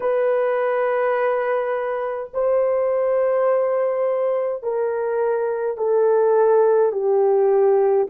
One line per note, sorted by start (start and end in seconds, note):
0.00 2.30 B4
2.33 4.62 C5
4.62 5.77 A#4
5.77 6.92 A4
6.92 8.07 G4